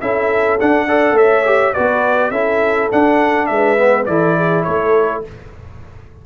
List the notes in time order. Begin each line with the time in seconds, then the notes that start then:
0.00 C#4 E4 A4 E5
0.60 D4 F#5
0.86 A4 D5
1.12 A3 C#5 E5
1.45 G4
1.73 B3 F#4 B4 D5
2.30 C#4 E4 A4 E5
2.91 D4 F#5
3.46 G#3 E5
3.53 B4
3.78 B3
4.05 E3 E4 A4 D5
4.37 G#4
4.63 A3 A4 C#5